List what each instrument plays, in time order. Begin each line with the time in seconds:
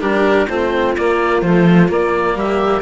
0.00 bassoon G3, cello D4, viola G4, oboe A#4
0.48 bassoon A3, cello C4, viola F4, oboe C5
0.96 cello A#3, bassoon A#3, oboe D5
1.41 cello F3, bassoon A3, oboe C5
1.88 cello A#3, bassoon A#3, oboe D5
2.34 bassoon G3, viola G4, oboe E5